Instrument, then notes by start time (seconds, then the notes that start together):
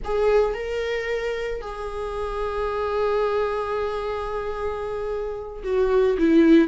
viola
0.04 G#4
0.54 A#4
1.61 G#4
5.63 F#4
6.18 E4